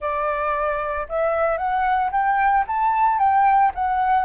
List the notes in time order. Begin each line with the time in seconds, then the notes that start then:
0.00 D5
1.08 E5
1.57 F#5
2.11 G5
2.67 A5
3.18 G5
3.74 F#5